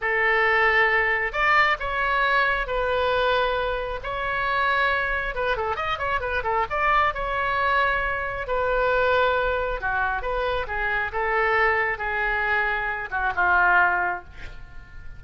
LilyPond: \new Staff \with { instrumentName = "oboe" } { \time 4/4 \tempo 4 = 135 a'2. d''4 | cis''2 b'2~ | b'4 cis''2. | b'8 a'8 dis''8 cis''8 b'8 a'8 d''4 |
cis''2. b'4~ | b'2 fis'4 b'4 | gis'4 a'2 gis'4~ | gis'4. fis'8 f'2 | }